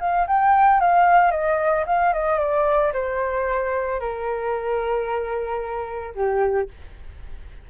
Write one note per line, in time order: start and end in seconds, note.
0.00 0.27 F5
0.27 0.81 G5
0.81 1.31 F5
1.31 1.85 D#5
1.87 2.13 F5
2.13 2.39 D#5
2.39 2.92 D5
2.93 4.00 C5
4.00 6.14 A#4
6.15 6.68 G4